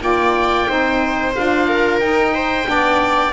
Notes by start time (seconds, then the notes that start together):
0.00 A#3 F4 D5 G5
0.67 C4 D#4 C5
1.34 D4 F4 F5
1.67 A#4
2.00 D#4 G5
2.34 C5
2.65 B3 D4 D5